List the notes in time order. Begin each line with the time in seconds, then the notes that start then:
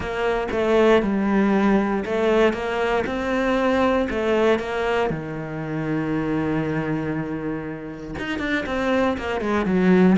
0.00 A#3
0.51 A3
1.02 G3
2.05 A3
2.53 A#3
3.06 C4
4.09 A3
4.59 A#3
5.09 D#3
8.18 D#4
8.39 D4
8.66 C4
9.17 A#3
9.40 G#3
9.65 F#3